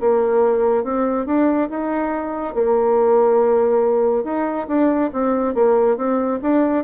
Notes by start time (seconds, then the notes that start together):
0.00 A#3
0.84 C4
1.26 D4
1.69 D#4
2.54 A#3
4.24 D#4
4.68 D4
5.13 C4
5.54 A#3
5.97 C4
6.42 D4